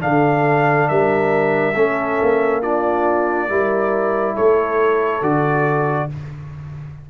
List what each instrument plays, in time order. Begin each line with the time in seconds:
0.00 tuba D3, trombone D4, horn A4, trumpet F5
0.88 tuba G3, horn A#4, trumpet E5
1.75 tuba A3, trombone C#4, horn A4
2.22 tuba A#3
2.61 trombone D4, horn F4, trumpet D5
3.48 tuba G3, trombone E4, horn A#4
4.35 tuba A3, horn A4, trumpet C#5
5.22 tuba D3, trombone F#4, trumpet D5